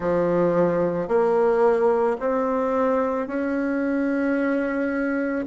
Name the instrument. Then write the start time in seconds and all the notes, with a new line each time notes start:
bassoon
0.00 F3
1.08 A#3
2.20 C4
3.27 C#4